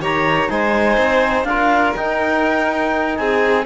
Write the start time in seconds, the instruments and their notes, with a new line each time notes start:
0.00 cello D#3, trombone G4, violin C#5, clarinet A#5
0.50 cello G#3, trombone D#4, violin C5, clarinet G#5
0.98 cello C4
1.44 cello D4, trombone F4, violin A#4, clarinet F5
1.96 cello D#4, trombone D#4, clarinet G5
3.17 cello C4, violin G#4, clarinet G#5